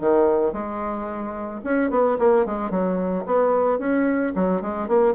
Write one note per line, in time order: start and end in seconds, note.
0.00 0.53 D#3
0.53 1.61 G#3
1.64 1.90 C#4
1.90 2.17 B3
2.19 2.45 A#3
2.45 2.70 G#3
2.70 3.24 F#3
3.26 3.79 B3
3.79 4.33 C#4
4.35 4.61 F#3
4.61 4.88 G#3
4.88 5.14 A#3